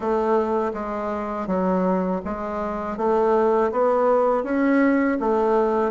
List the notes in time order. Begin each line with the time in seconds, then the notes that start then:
0.00 A3
0.73 G#3
1.47 F#3
2.24 G#3
2.97 A3
3.71 B3
4.43 C#4
5.20 A3